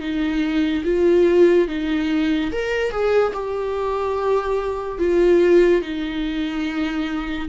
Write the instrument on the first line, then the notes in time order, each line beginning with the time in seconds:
viola
0.00 D#4
0.84 F4
1.67 D#4
2.52 A#4
2.91 G#4
3.33 G4
4.98 F4
5.82 D#4